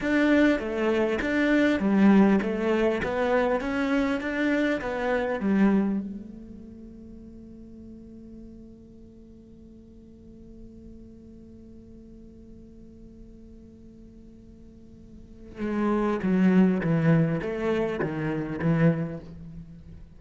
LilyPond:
\new Staff \with { instrumentName = "cello" } { \time 4/4 \tempo 4 = 100 d'4 a4 d'4 g4 | a4 b4 cis'4 d'4 | b4 g4 a2~ | a1~ |
a1~ | a1~ | a2 gis4 fis4 | e4 a4 dis4 e4 | }